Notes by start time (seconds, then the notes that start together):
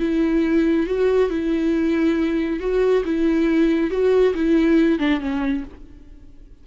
0.00 E4
0.87 F#4
1.30 E4
2.60 F#4
3.05 E4
3.91 F#4
4.35 E4
4.99 D4
5.20 C#4